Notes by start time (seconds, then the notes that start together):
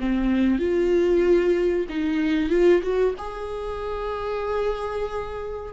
0.00 C4
0.59 F4
1.89 D#4
2.50 F4
2.83 F#4
3.18 G#4